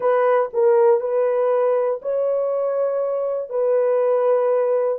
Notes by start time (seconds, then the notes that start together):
0.00 B4
0.53 A#4
1.00 B4
2.01 C#5
3.49 B4